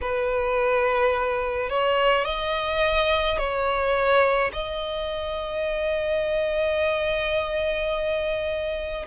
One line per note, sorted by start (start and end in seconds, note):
0.01 1.69 B4
1.69 2.24 C#5
2.24 3.38 D#5
3.38 4.51 C#5
4.53 9.06 D#5